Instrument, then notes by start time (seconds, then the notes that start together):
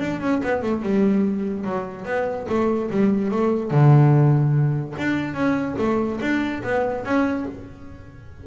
double bass
0.00 D4
0.21 C#4
0.43 B3
0.63 A3
0.82 G3
1.64 F#3
2.06 B3
2.49 A3
2.90 G3
3.31 A3
3.71 D3
4.98 D4
5.34 C#4
5.79 A3
6.21 D4
6.63 B3
7.05 C#4